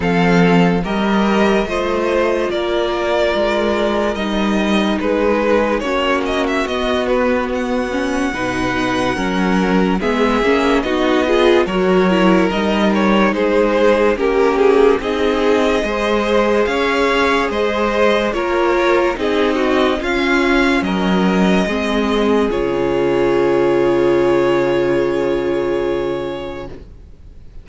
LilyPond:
<<
  \new Staff \with { instrumentName = "violin" } { \time 4/4 \tempo 4 = 72 f''4 dis''2 d''4~ | d''4 dis''4 b'4 cis''8 dis''16 e''16 | dis''8 b'8 fis''2. | e''4 dis''4 cis''4 dis''8 cis''8 |
c''4 ais'8 gis'8 dis''2 | f''4 dis''4 cis''4 dis''4 | f''4 dis''2 cis''4~ | cis''1 | }
  \new Staff \with { instrumentName = "violin" } { \time 4/4 a'4 ais'4 c''4 ais'4~ | ais'2 gis'4 fis'4~ | fis'2 b'4 ais'4 | gis'4 fis'8 gis'8 ais'2 |
gis'4 g'4 gis'4 c''4 | cis''4 c''4 ais'4 gis'8 fis'8 | f'4 ais'4 gis'2~ | gis'1 | }
  \new Staff \with { instrumentName = "viola" } { \time 4/4 c'4 g'4 f'2~ | f'4 dis'2 cis'4 | b4. cis'8 dis'4 cis'4 | b8 cis'8 dis'8 f'8 fis'8 e'8 dis'4~ |
dis'4 cis'4 dis'4 gis'4~ | gis'2 f'4 dis'4 | cis'2 c'4 f'4~ | f'1 | }
  \new Staff \with { instrumentName = "cello" } { \time 4/4 f4 g4 a4 ais4 | gis4 g4 gis4 ais4 | b2 b,4 fis4 | gis8 ais8 b4 fis4 g4 |
gis4 ais4 c'4 gis4 | cis'4 gis4 ais4 c'4 | cis'4 fis4 gis4 cis4~ | cis1 | }
>>